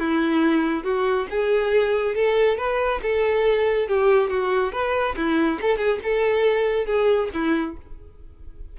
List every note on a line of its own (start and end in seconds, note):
0.00 0.84 E4
0.84 1.28 F#4
1.30 2.15 G#4
2.15 2.58 A4
2.58 3.01 B4
3.03 3.88 A4
3.88 4.30 G4
4.30 4.73 F#4
4.73 5.16 B4
5.17 5.60 E4
5.61 5.78 A4
5.78 5.99 G#4
6.04 6.87 A4
6.87 7.30 G#4
7.34 7.77 E4